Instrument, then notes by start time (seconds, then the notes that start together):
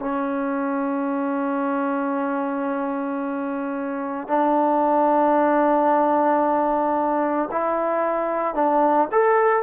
trombone
0.00 C#4
4.28 D4
7.52 E4
8.55 D4
9.12 A4